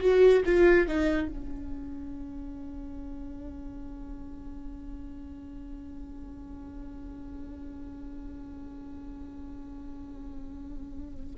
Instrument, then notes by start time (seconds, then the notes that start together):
viola
0.00 F#4
0.45 F4
0.88 D#4
1.28 C#4